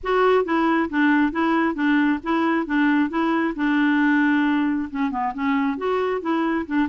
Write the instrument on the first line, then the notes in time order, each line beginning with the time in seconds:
clarinet
0.03 F#4
0.44 E4
0.89 D4
1.32 E4
1.74 D4
2.23 E4
2.66 D4
3.09 E4
3.55 D4
4.90 C#4
5.11 B3
5.34 C#4
5.77 F#4
6.21 E4
6.66 D4